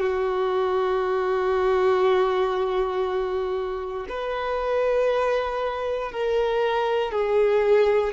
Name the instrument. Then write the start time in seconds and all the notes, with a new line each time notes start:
violin
0.00 F#4
4.09 B4
6.12 A#4
7.12 G#4